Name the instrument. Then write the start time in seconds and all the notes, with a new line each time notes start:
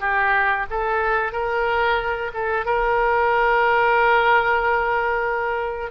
oboe
0.00 G4
0.70 A4
1.32 A#4
2.34 A4
2.65 A#4